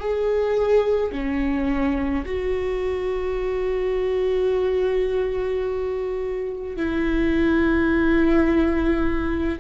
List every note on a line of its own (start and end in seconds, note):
0.00 1.12 G#4
1.12 2.25 C#4
2.25 6.76 F#4
6.76 9.59 E4